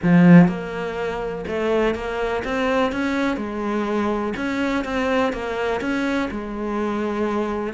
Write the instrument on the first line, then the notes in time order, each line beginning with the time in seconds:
cello
0.02 F3
0.48 A#3
1.47 A3
1.95 A#3
2.44 C4
2.92 C#4
3.36 G#3
4.36 C#4
4.84 C4
5.32 A#3
5.81 C#4
6.30 G#3